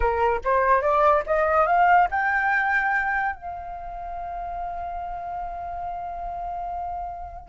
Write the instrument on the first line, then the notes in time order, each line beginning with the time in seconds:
flute
0.00 A#4
0.44 C5
0.81 D5
1.26 D#5
1.66 F5
2.11 G5
3.35 F5